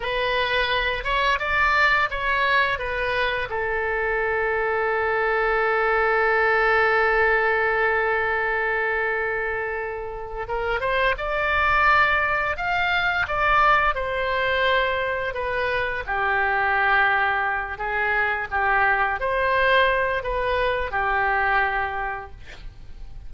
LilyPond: \new Staff \with { instrumentName = "oboe" } { \time 4/4 \tempo 4 = 86 b'4. cis''8 d''4 cis''4 | b'4 a'2.~ | a'1~ | a'2. ais'8 c''8 |
d''2 f''4 d''4 | c''2 b'4 g'4~ | g'4. gis'4 g'4 c''8~ | c''4 b'4 g'2 | }